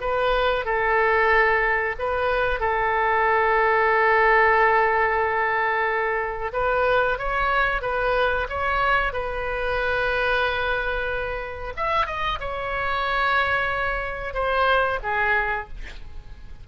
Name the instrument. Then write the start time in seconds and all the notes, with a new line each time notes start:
oboe
0.00 B4
0.65 A4
1.98 B4
2.60 A4
6.52 B4
7.18 C#5
7.81 B4
8.49 C#5
9.12 B4
11.76 E5
12.06 D#5
12.40 C#5
14.34 C5
15.02 G#4